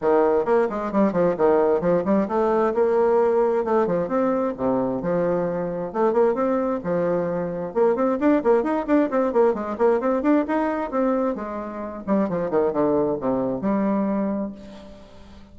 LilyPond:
\new Staff \with { instrumentName = "bassoon" } { \time 4/4 \tempo 4 = 132 dis4 ais8 gis8 g8 f8 dis4 | f8 g8 a4 ais2 | a8 f8 c'4 c4 f4~ | f4 a8 ais8 c'4 f4~ |
f4 ais8 c'8 d'8 ais8 dis'8 d'8 | c'8 ais8 gis8 ais8 c'8 d'8 dis'4 | c'4 gis4. g8 f8 dis8 | d4 c4 g2 | }